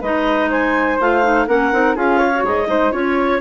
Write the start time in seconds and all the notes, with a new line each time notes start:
0.00 G#3 D#4 B4 D#5
0.49 C5 G#5
0.99 A3 F4 F5
1.22 D#4
1.47 A#3 C#4 A#4 F#5
1.72 C4 D#4
1.95 C#4 F4 G#4 F5
2.18 C#5
2.34 F#4
2.42 G#2 G#4 D#5
2.67 G#3 D#4 C5
2.91 C#4 F4 C#5